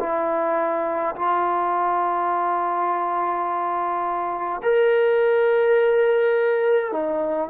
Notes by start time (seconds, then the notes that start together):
0.00 E4
1.15 F4
4.63 A#4
6.92 D#4